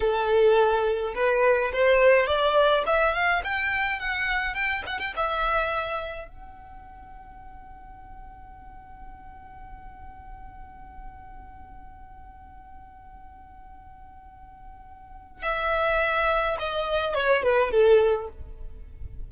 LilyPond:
\new Staff \with { instrumentName = "violin" } { \time 4/4 \tempo 4 = 105 a'2 b'4 c''4 | d''4 e''8 f''8 g''4 fis''4 | g''8 fis''16 g''16 e''2 fis''4~ | fis''1~ |
fis''1~ | fis''1~ | fis''2. e''4~ | e''4 dis''4 cis''8 b'8 a'4 | }